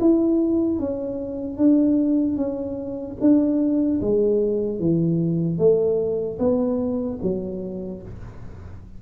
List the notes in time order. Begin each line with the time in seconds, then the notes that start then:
0.00 E4
0.79 C#4
1.57 D4
2.37 C#4
3.20 D4
4.01 G#3
4.79 E3
5.58 A3
6.39 B3
7.22 F#3